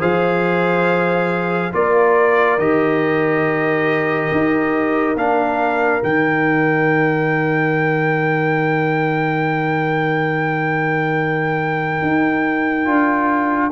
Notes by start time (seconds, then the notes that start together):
0.00 F3 G#4 C5 F5
1.72 A#3 F4 A#4 D5
2.58 D#3 G4 D#5
4.31 D#4
5.15 A#3 D4 F5
6.01 D#3 D#4 G5
12.02 D#4
12.85 D4 F4